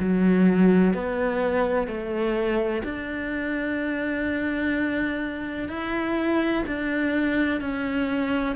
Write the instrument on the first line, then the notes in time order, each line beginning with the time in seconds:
cello
0.00 F#3
0.94 B3
1.88 A3
2.84 D4
5.69 E4
6.67 D4
7.61 C#4